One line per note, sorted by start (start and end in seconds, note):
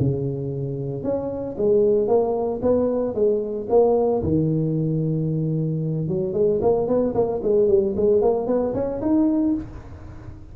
0.00 1.04 C#3
1.04 1.57 C#4
1.58 2.08 G#3
2.08 2.61 A#3
2.63 3.15 B3
3.15 3.68 G#3
3.70 4.23 A#3
4.24 6.08 D#3
6.08 6.34 F#3
6.34 6.60 G#3
6.62 6.88 A#3
6.88 7.15 B3
7.15 7.41 A#3
7.43 7.69 G#3
7.69 7.95 G3
7.97 8.22 G#3
8.22 8.48 A#3
8.48 8.74 B3
8.75 9.01 C#4
9.02 9.55 D#4